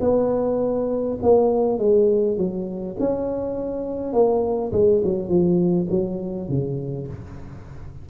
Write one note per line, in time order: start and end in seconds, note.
0.00 1.18 B3
1.22 1.78 A#3
1.78 2.37 G#3
2.37 2.96 F#3
2.99 4.13 C#4
4.13 4.72 A#3
4.72 5.02 G#3
5.04 5.29 F#3
5.29 5.87 F3
5.90 6.49 F#3
6.49 7.07 C#3